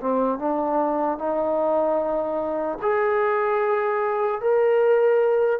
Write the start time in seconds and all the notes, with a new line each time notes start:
0.00 C4
0.39 D4
1.18 D#4
2.81 G#4
4.41 A#4